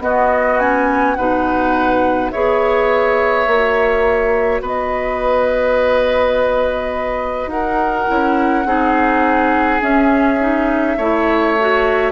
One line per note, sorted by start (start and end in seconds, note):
0.00 0.58 B3
0.00 1.16 B3
0.00 1.18 F#4
0.00 0.59 D#5
0.59 1.17 C#4
0.59 1.15 G#5
1.15 2.33 B2
1.15 2.33 D#4
1.15 2.32 B4
1.15 2.30 F#5
2.31 3.47 B3
2.31 3.47 G#4
2.31 4.62 C#5
2.31 4.62 E5
3.47 4.61 A#3
3.47 8.08 F#4
4.61 7.47 B3
4.61 7.50 B4
4.61 7.50 D#5
7.47 8.05 D#4
7.47 8.67 A#4
7.47 9.81 F#5
8.08 8.65 C#4
8.08 8.66 E4
8.65 9.81 C4
8.65 9.81 D#4
8.65 10.98 G#4
9.81 10.39 C#4
9.81 10.98 C#4
9.81 12.12 E5
10.40 10.98 D#4
10.98 12.12 A3
10.98 11.58 E4
10.98 12.12 C#5
11.60 12.12 F#4